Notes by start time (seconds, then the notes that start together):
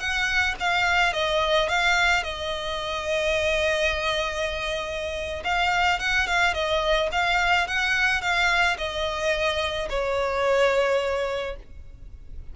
0.00 F#5
0.60 F5
1.13 D#5
1.69 F5
2.24 D#5
5.44 F5
6.00 F#5
6.28 F5
6.54 D#5
7.12 F5
7.68 F#5
8.22 F5
8.78 D#5
9.90 C#5